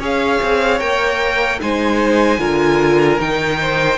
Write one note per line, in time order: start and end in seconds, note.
0.00 0.40 C#4
0.00 0.80 G#4
0.00 1.60 C#5
0.00 0.80 F5
0.43 0.81 C4
0.80 1.61 A#3
0.80 1.60 A#4
0.80 1.60 G5
1.60 2.39 G#3
1.60 2.39 D#4
1.60 2.40 C5
1.60 3.21 G#5
2.39 3.19 D3
2.39 3.19 F4
2.39 3.60 A#4
3.21 3.98 D#3
3.21 3.98 D#4
3.21 3.98 G5
3.61 3.98 C5